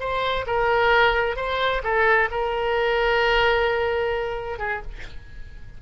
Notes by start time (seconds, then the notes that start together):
0.00 C5
0.47 A#4
1.37 C5
1.84 A4
2.31 A#4
4.59 G#4